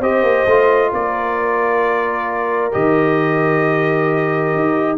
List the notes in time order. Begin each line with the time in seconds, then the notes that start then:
0.00 C4 G4 C5 D#5
0.22 A#3
0.46 A3 F4
0.92 A#3 A#4 D5
2.72 D#3 G4 D#5
4.54 D#4